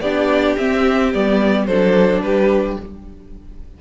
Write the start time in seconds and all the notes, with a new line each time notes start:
0.00 B3 D4 G4 D5
0.57 C4 E5
1.13 G3 B3 D5
1.66 F#3 D4 A4 C5
2.21 G3 G4 B4